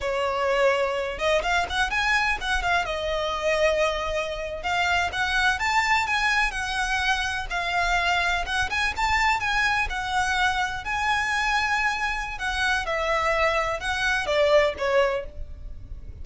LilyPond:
\new Staff \with { instrumentName = "violin" } { \time 4/4 \tempo 4 = 126 cis''2~ cis''8 dis''8 f''8 fis''8 | gis''4 fis''8 f''8 dis''2~ | dis''4.~ dis''16 f''4 fis''4 a''16~ | a''8. gis''4 fis''2 f''16~ |
f''4.~ f''16 fis''8 gis''8 a''4 gis''16~ | gis''8. fis''2 gis''4~ gis''16~ | gis''2 fis''4 e''4~ | e''4 fis''4 d''4 cis''4 | }